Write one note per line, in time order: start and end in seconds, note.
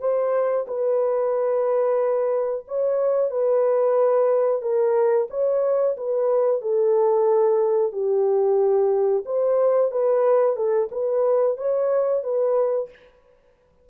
0.00 0.66 C5
0.68 2.66 B4
2.68 3.31 C#5
3.31 4.62 B4
4.62 5.28 A#4
5.30 5.96 C#5
5.97 6.61 B4
6.61 7.92 A4
7.92 9.24 G4
9.25 9.91 C5
9.92 10.56 B4
10.56 10.89 A4
10.92 11.57 B4
11.58 12.24 C#5
12.24 12.90 B4